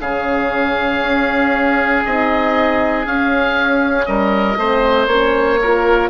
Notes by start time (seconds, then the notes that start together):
0.00 C#3 C#4 G#4 F5
1.01 C#4
2.05 C4 D#4 D#5
3.05 C#4 F5
4.06 G3 A#4 D#5
4.57 A3 C4 C5
5.07 A#3 C#4 C#5
5.61 F4 A#4